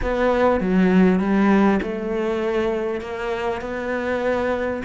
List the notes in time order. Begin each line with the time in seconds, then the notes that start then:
0.02 B3
0.60 F#3
1.19 G3
1.82 A3
3.00 A#3
3.61 B3